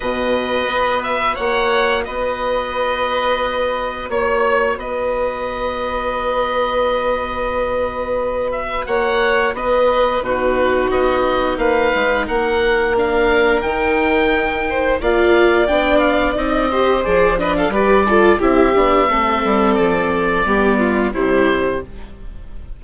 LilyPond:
<<
  \new Staff \with { instrumentName = "oboe" } { \time 4/4 \tempo 4 = 88 dis''4. e''8 fis''4 dis''4~ | dis''2 cis''4 dis''4~ | dis''1~ | dis''8 e''8 fis''4 dis''4 b'4 |
dis''4 f''4 fis''4 f''4 | g''2 f''4 g''8 f''8 | dis''4 d''8 dis''16 f''16 d''4 e''4~ | e''4 d''2 c''4 | }
  \new Staff \with { instrumentName = "violin" } { \time 4/4 b'2 cis''4 b'4~ | b'2 cis''4 b'4~ | b'1~ | b'4 cis''4 b'4 fis'4~ |
fis'4 b'4 ais'2~ | ais'4. c''8 d''2~ | d''8 c''4 b'16 a'16 b'8 a'8 g'4 | a'2 g'8 f'8 e'4 | }
  \new Staff \with { instrumentName = "viola" } { \time 4/4 fis'1~ | fis'1~ | fis'1~ | fis'2. dis'4~ |
dis'2. d'4 | dis'2 f'4 d'4 | dis'8 g'8 gis'8 d'8 g'8 f'8 e'8 d'8 | c'2 b4 g4 | }
  \new Staff \with { instrumentName = "bassoon" } { \time 4/4 b,4 b4 ais4 b4~ | b2 ais4 b4~ | b1~ | b4 ais4 b4 b,4 |
b4 ais8 gis8 ais2 | dis2 ais4 b4 | c'4 f4 g4 c'8 b8 | a8 g8 f4 g4 c4 | }
>>